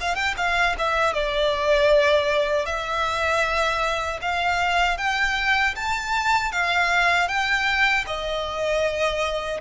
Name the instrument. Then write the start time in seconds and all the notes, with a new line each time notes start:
violin
0.00 F5
0.15 G5
0.37 F5
0.78 E5
1.13 D5
2.65 E5
4.21 F5
4.98 G5
5.75 A5
6.52 F5
7.28 G5
8.07 D#5